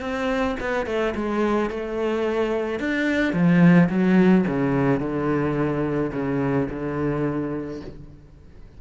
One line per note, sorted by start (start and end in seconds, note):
0.00 0.56 C4
0.59 0.86 B3
0.86 1.13 A3
1.15 1.69 G#3
1.69 2.79 A3
2.79 3.33 D4
3.33 3.88 F3
3.89 4.44 F#3
4.47 5.00 C#3
5.00 6.11 D3
6.12 6.67 C#3
6.69 7.80 D3